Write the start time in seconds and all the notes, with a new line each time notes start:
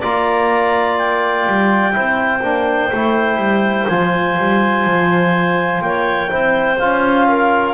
0.00 A#3 F4 D5 A#5
0.98 G5
1.48 G3
1.93 C4 E4 C5
2.43 A#3 D4
2.93 A3 E4
3.37 G3
3.89 F3 F4 G#5
4.39 G3
4.85 F3
5.82 A#3 C#5 G5
6.30 C4 E4 C5
6.79 C#4 F4 F5
7.28 A#4